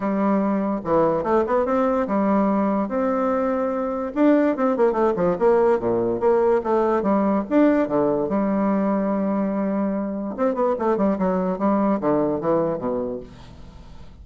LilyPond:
\new Staff \with { instrumentName = "bassoon" } { \time 4/4 \tempo 4 = 145 g2 e4 a8 b8 | c'4 g2 c'4~ | c'2 d'4 c'8 ais8 | a8 f8 ais4 ais,4 ais4 |
a4 g4 d'4 d4 | g1~ | g4 c'8 b8 a8 g8 fis4 | g4 d4 e4 b,4 | }